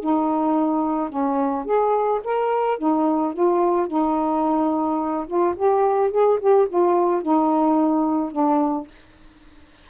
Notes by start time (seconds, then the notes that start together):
0.00 D#4
1.09 C#4
1.65 G#4
2.24 A#4
2.78 D#4
3.34 F4
3.88 D#4
5.27 F4
5.56 G4
6.11 G#4
6.40 G4
6.69 F4
7.22 D#4
8.32 D4